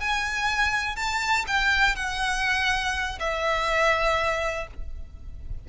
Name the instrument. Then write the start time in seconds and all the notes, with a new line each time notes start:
violin
0.00 G#5
0.96 A5
1.48 G5
1.96 F#5
3.20 E5